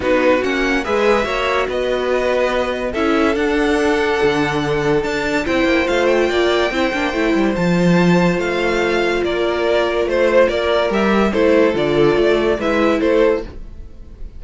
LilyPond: <<
  \new Staff \with { instrumentName = "violin" } { \time 4/4 \tempo 4 = 143 b'4 fis''4 e''2 | dis''2. e''4 | fis''1 | a''4 g''4 f''8 g''4.~ |
g''2 a''2 | f''2 d''2 | c''4 d''4 e''4 c''4 | d''2 e''4 c''4 | }
  \new Staff \with { instrumentName = "violin" } { \time 4/4 fis'2 b'4 cis''4 | b'2. a'4~ | a'1~ | a'4 c''2 d''4 |
c''1~ | c''2 ais'2 | c''4 ais'2 a'4~ | a'2 b'4 a'4 | }
  \new Staff \with { instrumentName = "viola" } { \time 4/4 dis'4 cis'4 gis'4 fis'4~ | fis'2. e'4 | d'1~ | d'4 e'4 f'2 |
e'8 d'8 e'4 f'2~ | f'1~ | f'2 g'4 e'4 | f'2 e'2 | }
  \new Staff \with { instrumentName = "cello" } { \time 4/4 b4 ais4 gis4 ais4 | b2. cis'4 | d'2 d2 | d'4 c'8 ais8 a4 ais4 |
c'8 ais8 a8 g8 f2 | a2 ais2 | a4 ais4 g4 a4 | d4 a4 gis4 a4 | }
>>